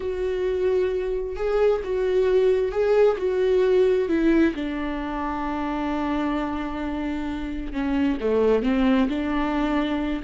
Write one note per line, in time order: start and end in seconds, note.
0.00 1.35 F#4
1.35 1.81 G#4
1.84 2.71 F#4
2.71 3.17 G#4
3.17 4.08 F#4
4.08 4.53 E4
4.55 7.72 D4
7.72 8.18 C#4
8.20 8.62 A3
8.62 9.08 C4
9.08 10.22 D4